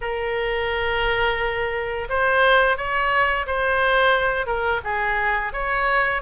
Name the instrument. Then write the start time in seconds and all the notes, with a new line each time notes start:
oboe
0.01 A#4
2.09 C5
2.77 C#5
3.46 C5
4.46 A#4
4.83 G#4
5.53 C#5